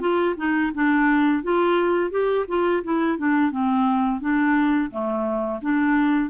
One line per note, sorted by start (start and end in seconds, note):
0.00 0.35 F4
0.37 0.72 D#4
0.74 1.43 D4
1.43 2.11 F4
2.11 2.45 G4
2.48 2.83 F4
2.83 3.18 E4
3.18 3.51 D4
3.51 4.21 C4
4.21 4.90 D4
4.91 5.60 A3
5.61 6.30 D4